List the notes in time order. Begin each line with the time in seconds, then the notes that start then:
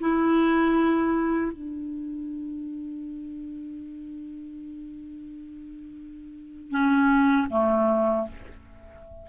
0.00 E4
1.52 D4
6.71 C#4
7.50 A3